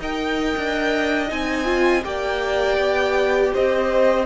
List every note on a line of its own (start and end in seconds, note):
0.00 0.56 D#4
0.00 1.28 A#4
0.00 2.05 D#5
0.00 1.31 G5
0.57 1.31 D4
1.28 2.05 C4
1.28 1.65 D#4
1.28 2.05 G#5
1.65 2.02 F4
2.04 2.78 A#3
2.04 4.26 G4
2.04 3.54 D5
2.04 3.53 G5
2.78 3.52 B3
3.54 4.26 C4
3.54 4.26 C5
3.54 4.26 D#5